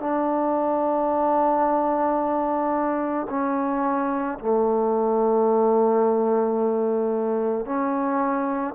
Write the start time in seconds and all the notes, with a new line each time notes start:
0.00 D4
3.29 C#4
4.39 A3
7.65 C#4